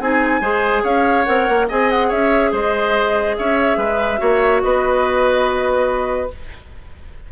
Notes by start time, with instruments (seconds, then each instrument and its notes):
0.00 bassoon C4, clarinet D#4, oboe G#4, flute G#5
0.41 bassoon G#3, clarinet G#4, oboe C5
0.83 bassoon C#4, oboe C#5, flute F5
1.24 bassoon C4, clarinet A#4, flute F#5
1.49 bassoon A#3
1.68 bassoon C4, clarinet G#4, oboe D#5, flute G#5
1.90 flute F#5
2.08 bassoon C#4, oboe C#5, flute E5
2.52 bassoon G#3, oboe C5, flute D#5
3.37 bassoon C#4, oboe C#5, flute E5
3.77 bassoon G#3, oboe B4
4.18 bassoon A#3, clarinet F#4, oboe C#5
4.62 bassoon B3, oboe B4, flute D#5